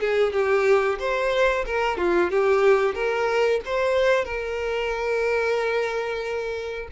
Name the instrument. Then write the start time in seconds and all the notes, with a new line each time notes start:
violin
0.00 G#4
0.33 G4
0.99 C5
1.66 A#4
1.98 F4
2.30 G4
2.95 A#4
3.65 C5
4.24 A#4